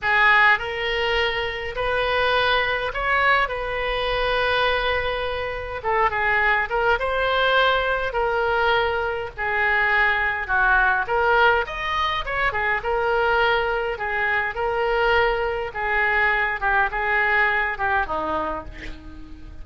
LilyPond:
\new Staff \with { instrumentName = "oboe" } { \time 4/4 \tempo 4 = 103 gis'4 ais'2 b'4~ | b'4 cis''4 b'2~ | b'2 a'8 gis'4 ais'8 | c''2 ais'2 |
gis'2 fis'4 ais'4 | dis''4 cis''8 gis'8 ais'2 | gis'4 ais'2 gis'4~ | gis'8 g'8 gis'4. g'8 dis'4 | }